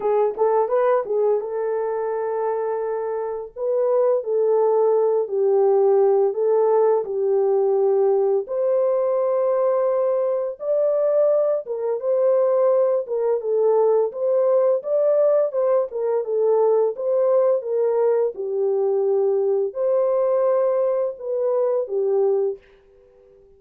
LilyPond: \new Staff \with { instrumentName = "horn" } { \time 4/4 \tempo 4 = 85 gis'8 a'8 b'8 gis'8 a'2~ | a'4 b'4 a'4. g'8~ | g'4 a'4 g'2 | c''2. d''4~ |
d''8 ais'8 c''4. ais'8 a'4 | c''4 d''4 c''8 ais'8 a'4 | c''4 ais'4 g'2 | c''2 b'4 g'4 | }